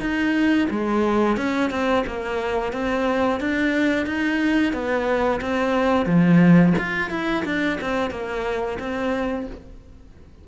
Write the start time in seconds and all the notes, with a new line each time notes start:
0.00 D#4
0.70 G#3
1.37 C#4
1.70 C4
2.07 A#3
2.72 C4
3.40 D4
4.06 D#4
4.73 B3
5.41 C4
6.06 F3
6.78 F4
7.10 E4
7.45 D4
7.81 C4
8.11 A#3
8.79 C4